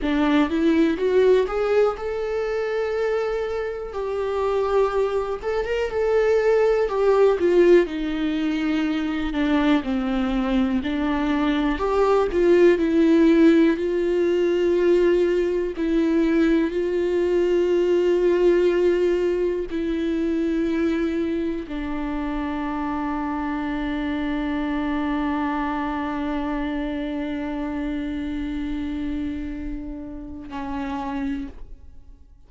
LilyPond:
\new Staff \with { instrumentName = "viola" } { \time 4/4 \tempo 4 = 61 d'8 e'8 fis'8 gis'8 a'2 | g'4. a'16 ais'16 a'4 g'8 f'8 | dis'4. d'8 c'4 d'4 | g'8 f'8 e'4 f'2 |
e'4 f'2. | e'2 d'2~ | d'1~ | d'2. cis'4 | }